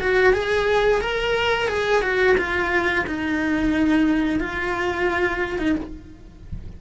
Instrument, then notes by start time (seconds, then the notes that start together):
cello
0.00 F#4
0.33 G#4
1.01 A#4
1.68 G#4
2.02 F#4
2.37 F4
3.07 D#4
4.40 F4
5.58 D#4